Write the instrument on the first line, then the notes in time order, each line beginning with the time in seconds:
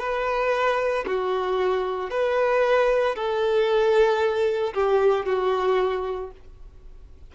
violin
0.00 B4
1.07 F#4
2.11 B4
3.16 A4
4.74 G4
5.26 F#4